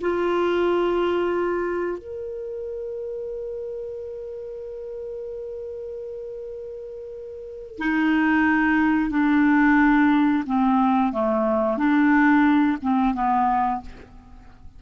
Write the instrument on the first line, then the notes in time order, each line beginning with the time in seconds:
clarinet
0.00 F4
1.98 A#4
7.78 D#4
9.10 D4
10.46 C4
11.12 A3
11.77 D4
12.81 C4
13.14 B3